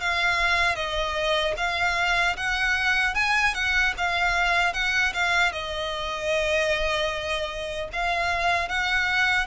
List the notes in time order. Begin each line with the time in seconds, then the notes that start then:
0.00 F5
0.75 D#5
1.57 F5
2.36 F#5
3.14 G#5
3.54 F#5
3.97 F5
4.73 F#5
5.13 F5
5.52 D#5
7.92 F5
8.68 F#5